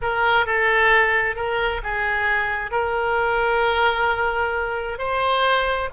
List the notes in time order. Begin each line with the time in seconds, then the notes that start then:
0.01 A#4
0.45 A4
1.35 A#4
1.83 G#4
2.71 A#4
4.98 C5